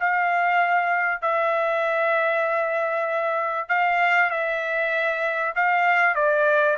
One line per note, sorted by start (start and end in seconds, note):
0.00 1.22 F5
1.22 3.69 E5
3.69 4.30 F5
4.30 5.54 E5
5.56 6.15 F5
6.15 6.77 D5